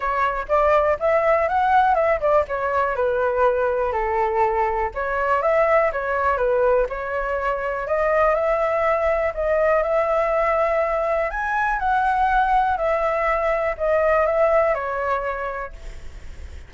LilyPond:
\new Staff \with { instrumentName = "flute" } { \time 4/4 \tempo 4 = 122 cis''4 d''4 e''4 fis''4 | e''8 d''8 cis''4 b'2 | a'2 cis''4 e''4 | cis''4 b'4 cis''2 |
dis''4 e''2 dis''4 | e''2. gis''4 | fis''2 e''2 | dis''4 e''4 cis''2 | }